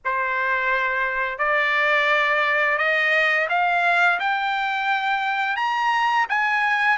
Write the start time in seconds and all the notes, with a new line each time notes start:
0.04 C5
1.38 D5
2.77 D#5
3.49 F5
4.19 G5
5.56 A#5
6.29 G#5